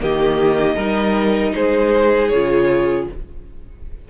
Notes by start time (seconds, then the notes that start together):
0.00 D#3 A#3 G4 D#5
0.76 G3 D#4 A#4
1.55 G#3 G#4 C5
2.29 C#3 F4 C#5